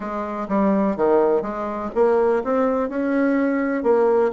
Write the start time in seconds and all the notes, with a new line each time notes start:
0.00 G#3
0.48 G3
0.96 D#3
1.41 G#3
1.94 A#3
2.44 C4
2.89 C#4
3.83 A#3